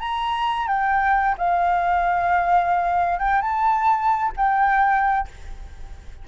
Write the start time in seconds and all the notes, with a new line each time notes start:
0.00 A#5
0.67 G5
1.38 F5
3.19 G5
3.41 A5
4.37 G5